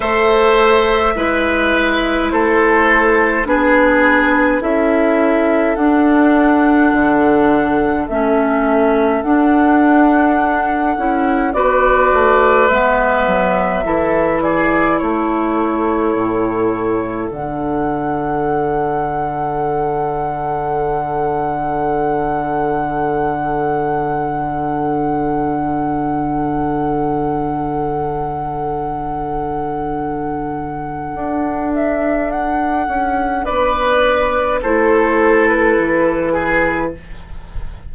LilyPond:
<<
  \new Staff \with { instrumentName = "flute" } { \time 4/4 \tempo 4 = 52 e''2 c''4 b'4 | e''4 fis''2 e''4 | fis''2 d''4 e''4~ | e''8 d''8 cis''2 fis''4~ |
fis''1~ | fis''1~ | fis''2.~ fis''8 e''8 | fis''4 d''4 c''8. b'4~ b'16 | }
  \new Staff \with { instrumentName = "oboe" } { \time 4/4 c''4 b'4 a'4 gis'4 | a'1~ | a'2 b'2 | a'8 gis'8 a'2.~ |
a'1~ | a'1~ | a'1~ | a'4 b'4 a'4. gis'8 | }
  \new Staff \with { instrumentName = "clarinet" } { \time 4/4 a'4 e'2 d'4 | e'4 d'2 cis'4 | d'4. e'8 fis'4 b4 | e'2. d'4~ |
d'1~ | d'1~ | d'1~ | d'2 e'2 | }
  \new Staff \with { instrumentName = "bassoon" } { \time 4/4 a4 gis4 a4 b4 | cis'4 d'4 d4 a4 | d'4. cis'8 b8 a8 gis8 fis8 | e4 a4 a,4 d4~ |
d1~ | d1~ | d2. d'4~ | d'8 cis'8 b4 a4 e4 | }
>>